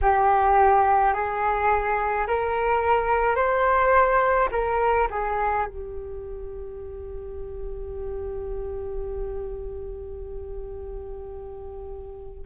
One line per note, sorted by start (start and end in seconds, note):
0.01 1.13 G4
1.13 2.26 G#4
2.26 3.36 A#4
3.36 4.49 C5
4.51 5.08 A#4
5.10 5.66 G#4
5.66 12.45 G4